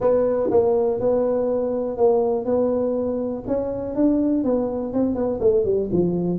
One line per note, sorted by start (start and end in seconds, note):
0.00 0.50 B3
0.51 1.00 A#3
1.00 1.97 B3
1.97 2.45 A#3
2.45 3.43 B3
3.47 3.95 C#4
3.95 4.44 D4
4.44 4.93 B3
4.93 5.15 C4
5.15 5.39 B3
5.40 5.64 A3
5.64 5.89 G3
5.92 6.38 F3